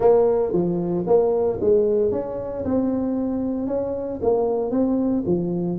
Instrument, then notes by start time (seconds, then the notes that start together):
tuba
0.00 A#3
0.52 F3
1.06 A#3
1.60 G#3
2.11 C#4
2.64 C4
3.67 C#4
4.22 A#3
4.71 C4
5.26 F3